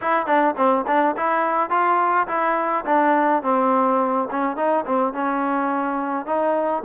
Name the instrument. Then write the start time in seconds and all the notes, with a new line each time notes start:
trombone
0.01 E4
0.26 D4
0.56 C4
0.87 D4
1.16 E4
1.70 F4
2.27 E4
2.85 D4
3.42 C4
4.31 C#4
4.56 D#4
4.86 C4
5.13 C#4
6.25 D#4